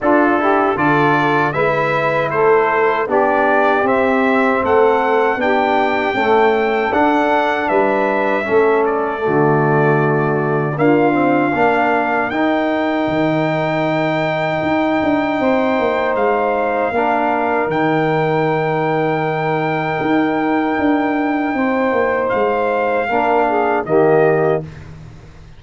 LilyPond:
<<
  \new Staff \with { instrumentName = "trumpet" } { \time 4/4 \tempo 4 = 78 a'4 d''4 e''4 c''4 | d''4 e''4 fis''4 g''4~ | g''4 fis''4 e''4. d''8~ | d''2 f''2 |
g''1~ | g''4 f''2 g''4~ | g''1~ | g''4 f''2 dis''4 | }
  \new Staff \with { instrumentName = "saxophone" } { \time 4/4 f'8 g'8 a'4 b'4 a'4 | g'2 a'4 g'4 | a'2 b'4 a'4 | fis'2 f'4 ais'4~ |
ais'1 | c''2 ais'2~ | ais'1 | c''2 ais'8 gis'8 g'4 | }
  \new Staff \with { instrumentName = "trombone" } { \time 4/4 d'8 e'8 f'4 e'2 | d'4 c'2 d'4 | a4 d'2 cis'4 | a2 ais8 c'8 d'4 |
dis'1~ | dis'2 d'4 dis'4~ | dis'1~ | dis'2 d'4 ais4 | }
  \new Staff \with { instrumentName = "tuba" } { \time 4/4 d'4 d4 gis4 a4 | b4 c'4 a4 b4 | cis'4 d'4 g4 a4 | d2 d'4 ais4 |
dis'4 dis2 dis'8 d'8 | c'8 ais8 gis4 ais4 dis4~ | dis2 dis'4 d'4 | c'8 ais8 gis4 ais4 dis4 | }
>>